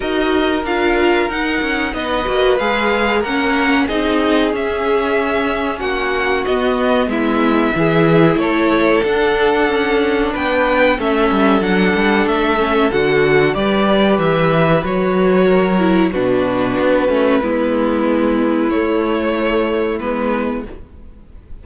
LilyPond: <<
  \new Staff \with { instrumentName = "violin" } { \time 4/4 \tempo 4 = 93 dis''4 f''4 fis''4 dis''4 | f''4 fis''4 dis''4 e''4~ | e''4 fis''4 dis''4 e''4~ | e''4 cis''4 fis''2 |
g''4 e''4 fis''4 e''4 | fis''4 d''4 e''4 cis''4~ | cis''4 b'2.~ | b'4 cis''2 b'4 | }
  \new Staff \with { instrumentName = "violin" } { \time 4/4 ais'2. b'4~ | b'4 ais'4 gis'2~ | gis'4 fis'2 e'4 | gis'4 a'2. |
b'4 a'2.~ | a'4 b'2. | ais'4 fis'2 e'4~ | e'1 | }
  \new Staff \with { instrumentName = "viola" } { \time 4/4 fis'4 f'4 dis'4. fis'8 | gis'4 cis'4 dis'4 cis'4~ | cis'2 b2 | e'2 d'2~ |
d'4 cis'4 d'4. cis'8 | fis'4 g'2 fis'4~ | fis'8 e'8 d'4. cis'8 b4~ | b4 a2 b4 | }
  \new Staff \with { instrumentName = "cello" } { \time 4/4 dis'4 d'4 dis'8 cis'8 b8 ais8 | gis4 ais4 c'4 cis'4~ | cis'4 ais4 b4 gis4 | e4 a4 d'4 cis'4 |
b4 a8 g8 fis8 g8 a4 | d4 g4 e4 fis4~ | fis4 b,4 b8 a8 gis4~ | gis4 a2 gis4 | }
>>